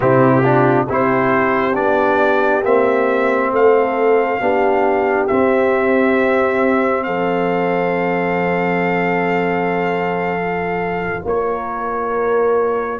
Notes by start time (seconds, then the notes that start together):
0.00 C3 C4 E4 G4
0.41 D4 F4
0.88 C4 E4 G4 C5
1.73 B3 D4 D5
2.64 A#3 C4 E5
3.51 A3 A4 F5
4.40 B3 D4 G4
5.27 C4 E5
7.03 F3 A4 F5
10.37 F4
11.24 A#3 A#4 C#5